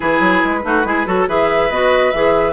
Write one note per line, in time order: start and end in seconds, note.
0.00 0.20 E3
0.00 0.61 E4
0.00 0.59 G#4
0.00 1.27 B4
0.20 0.41 F#3
0.43 0.64 G#3
0.63 0.84 A3
0.63 0.85 D#4
0.63 0.86 F#4
0.84 1.06 G#3
0.84 1.06 E4
0.84 1.07 G#4
1.06 1.27 F#3
1.06 1.27 F#4
1.06 1.28 A4
1.27 1.70 E3
1.27 1.70 G#4
1.27 2.53 B4
1.27 1.70 E5
1.70 2.12 B3
1.70 2.13 F#4
1.70 2.11 D#5
2.11 2.53 E3
2.11 2.53 G#4
2.11 2.53 E5